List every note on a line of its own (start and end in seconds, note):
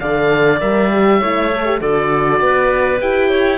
0.00 0.62 D3
0.00 0.60 A4
0.00 1.20 D5
0.00 0.60 F5
0.60 1.21 G3
0.60 0.91 A#4
0.60 1.81 E5
0.92 1.22 G4
1.20 1.81 A3
1.20 1.52 E4
1.20 1.80 C#5
1.52 1.65 A4
1.65 1.80 G4
1.80 2.40 D3
1.80 3.01 F#4
1.80 2.40 A4
1.80 3.01 D5
2.40 3.00 B3
2.40 3.29 B4
3.01 3.58 E4
3.01 3.58 G4
3.01 3.58 G5
3.29 3.58 C#5